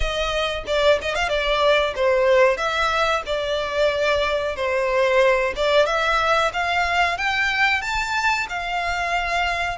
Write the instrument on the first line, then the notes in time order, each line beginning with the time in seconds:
violin
0.00 D#5
0.67 D5
1.01 D#5
1.15 F5
1.28 D5
1.95 C5
2.57 E5
3.25 D5
4.55 C5
5.56 D5
5.85 E5
6.53 F5
7.17 G5
7.81 A5
8.49 F5